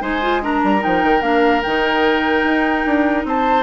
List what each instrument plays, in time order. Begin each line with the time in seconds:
0.00 bassoon G#3, clarinet D#4, oboe C5, flute G#5
0.22 clarinet F4
0.42 clarinet D4, oboe A#4, flute A#5
0.63 bassoon G3
0.79 bassoon F3, clarinet D#4, flute G5
1.03 bassoon D#3
1.21 bassoon A#3, clarinet D4, flute F5
1.62 bassoon D#3, clarinet D#4, flute G5
2.43 bassoon D#4
2.86 bassoon D4
3.24 bassoon C4, oboe C5, flute A5